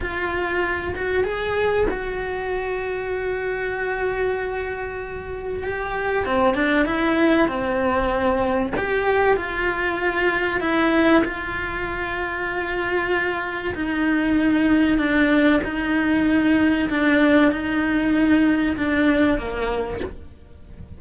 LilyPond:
\new Staff \with { instrumentName = "cello" } { \time 4/4 \tempo 4 = 96 f'4. fis'8 gis'4 fis'4~ | fis'1~ | fis'4 g'4 c'8 d'8 e'4 | c'2 g'4 f'4~ |
f'4 e'4 f'2~ | f'2 dis'2 | d'4 dis'2 d'4 | dis'2 d'4 ais4 | }